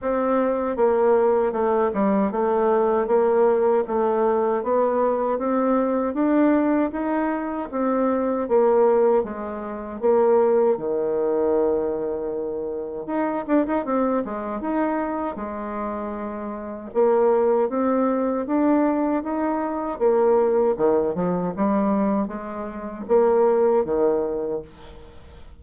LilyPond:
\new Staff \with { instrumentName = "bassoon" } { \time 4/4 \tempo 4 = 78 c'4 ais4 a8 g8 a4 | ais4 a4 b4 c'4 | d'4 dis'4 c'4 ais4 | gis4 ais4 dis2~ |
dis4 dis'8 d'16 dis'16 c'8 gis8 dis'4 | gis2 ais4 c'4 | d'4 dis'4 ais4 dis8 f8 | g4 gis4 ais4 dis4 | }